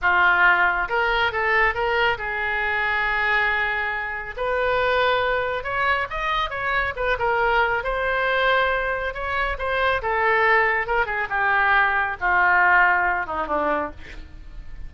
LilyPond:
\new Staff \with { instrumentName = "oboe" } { \time 4/4 \tempo 4 = 138 f'2 ais'4 a'4 | ais'4 gis'2.~ | gis'2 b'2~ | b'4 cis''4 dis''4 cis''4 |
b'8 ais'4. c''2~ | c''4 cis''4 c''4 a'4~ | a'4 ais'8 gis'8 g'2 | f'2~ f'8 dis'8 d'4 | }